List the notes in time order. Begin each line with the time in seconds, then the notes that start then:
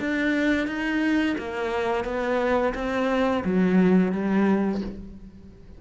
0.00 D4
0.67 D#4
1.38 A#3
2.05 B3
2.75 C4
3.45 F#3
4.13 G3